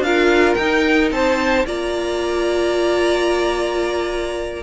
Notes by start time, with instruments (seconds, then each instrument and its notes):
0.00 cello D4, viola F4, violin A#4 F5
0.54 cello D#4, viola D#4, violin G5
1.11 cello C4, violin C5 A5
1.66 cello A#3, viola F4, violin D5 A#5